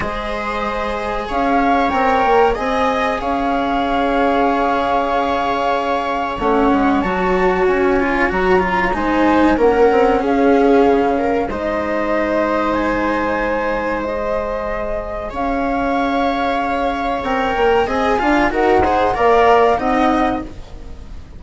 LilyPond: <<
  \new Staff \with { instrumentName = "flute" } { \time 4/4 \tempo 4 = 94 dis''2 f''4 g''4 | gis''4 f''2.~ | f''2 fis''4 a''4 | gis''4 ais''4 gis''4 fis''4 |
f''2 dis''2 | gis''2 dis''2 | f''2. g''4 | gis''4 fis''4 f''4 fis''4 | }
  \new Staff \with { instrumentName = "viola" } { \time 4/4 c''2 cis''2 | dis''4 cis''2.~ | cis''1~ | cis''2 c''4 ais'4 |
gis'4. ais'8 c''2~ | c''1 | cis''1 | dis''8 f''8 ais'8 c''8 d''4 dis''4 | }
  \new Staff \with { instrumentName = "cello" } { \time 4/4 gis'2. ais'4 | gis'1~ | gis'2 cis'4 fis'4~ | fis'8 f'8 fis'8 f'8 dis'4 cis'4~ |
cis'2 dis'2~ | dis'2 gis'2~ | gis'2. ais'4 | gis'8 f'8 fis'8 gis'8 ais'4 dis'4 | }
  \new Staff \with { instrumentName = "bassoon" } { \time 4/4 gis2 cis'4 c'8 ais8 | c'4 cis'2.~ | cis'2 a8 gis8 fis4 | cis'4 fis4 gis4 ais8 c'8 |
cis'4 cis4 gis2~ | gis1 | cis'2. c'8 ais8 | c'8 d'8 dis'4 ais4 c'4 | }
>>